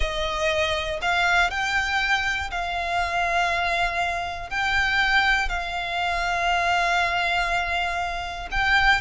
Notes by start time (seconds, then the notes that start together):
0.00 D#5
1.01 F5
1.50 G5
2.50 F5
4.50 G5
5.48 F5
8.51 G5